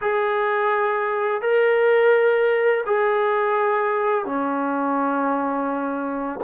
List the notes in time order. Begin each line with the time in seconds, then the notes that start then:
0.01 G#4
1.41 A#4
2.85 G#4
4.25 C#4